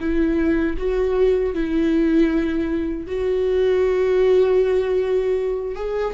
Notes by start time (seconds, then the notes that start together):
0.00 E4
0.78 F#4
1.54 E4
3.07 F#4
5.76 G#4